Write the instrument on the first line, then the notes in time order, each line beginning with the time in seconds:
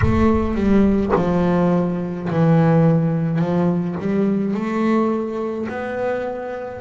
double bass
0.01 A3
0.55 G3
1.15 F3
2.30 E3
3.39 F3
3.99 G3
4.53 A3
5.69 B3